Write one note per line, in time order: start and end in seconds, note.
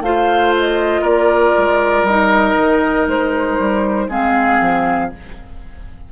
0.00 1.02 A3
0.00 2.08 F4
0.00 1.02 C5
0.00 0.54 F5
0.59 1.05 D#5
1.02 1.53 A#3
1.02 4.07 A#4
1.02 2.06 D5
1.58 2.03 G#3
2.03 2.54 G3
2.03 3.08 D#5
2.09 4.10 D#4
2.58 3.07 D#3
3.07 3.58 G#3
3.07 4.10 C5
3.59 4.08 G3
4.08 4.59 G#3
4.08 5.12 C4
4.08 5.11 G#4
4.08 5.12 F5
4.60 5.11 F3